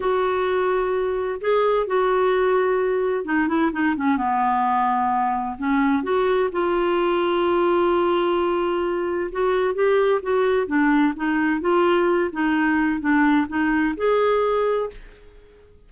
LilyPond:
\new Staff \with { instrumentName = "clarinet" } { \time 4/4 \tempo 4 = 129 fis'2. gis'4 | fis'2. dis'8 e'8 | dis'8 cis'8 b2. | cis'4 fis'4 f'2~ |
f'1 | fis'4 g'4 fis'4 d'4 | dis'4 f'4. dis'4. | d'4 dis'4 gis'2 | }